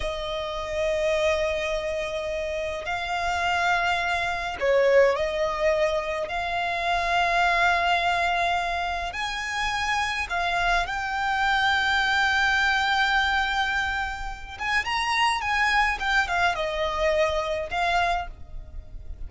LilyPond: \new Staff \with { instrumentName = "violin" } { \time 4/4 \tempo 4 = 105 dis''1~ | dis''4 f''2. | cis''4 dis''2 f''4~ | f''1 |
gis''2 f''4 g''4~ | g''1~ | g''4. gis''8 ais''4 gis''4 | g''8 f''8 dis''2 f''4 | }